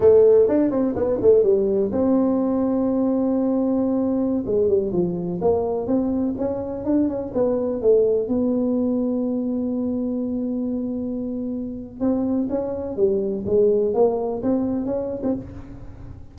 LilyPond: \new Staff \with { instrumentName = "tuba" } { \time 4/4 \tempo 4 = 125 a4 d'8 c'8 b8 a8 g4 | c'1~ | c'4~ c'16 gis8 g8 f4 ais8.~ | ais16 c'4 cis'4 d'8 cis'8 b8.~ |
b16 a4 b2~ b8.~ | b1~ | b4 c'4 cis'4 g4 | gis4 ais4 c'4 cis'8. c'16 | }